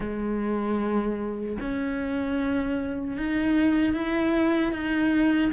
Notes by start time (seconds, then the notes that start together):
0.00 G#3
1.60 C#4
3.17 D#4
3.93 E4
4.72 D#4